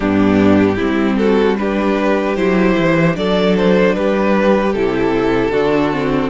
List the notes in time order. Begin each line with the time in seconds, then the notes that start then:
0.00 G2 B3 D4 G4
0.76 G3 C4 E4
1.17 F#4 A4
1.58 D4 G4 B4
2.36 F#3 E4 C5
2.78 E3
3.14 F#3 D4 A4 D5
3.56 C5
3.94 G3 G4 B4
4.72 C3 E4 A4
5.49 D3 D4 F#4
5.92 C4